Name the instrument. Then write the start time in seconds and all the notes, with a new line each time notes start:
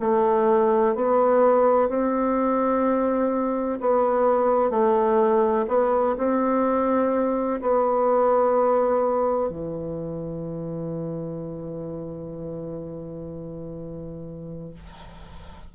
bassoon
0.00 A3
0.95 B3
1.89 C4
3.81 B3
4.70 A3
5.68 B3
6.17 C4
7.61 B3
9.50 E3